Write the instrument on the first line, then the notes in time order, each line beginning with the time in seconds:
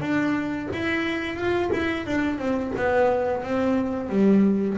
double bass
0.00 D4
0.73 E4
1.36 F4
1.72 E4
2.06 D4
2.38 C4
2.76 B3
3.43 C4
4.09 G3